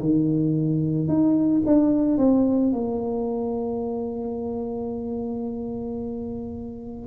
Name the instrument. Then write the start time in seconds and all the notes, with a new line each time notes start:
tuba
0.00 D#3
1.08 D#4
1.66 D4
2.18 C4
2.72 A#3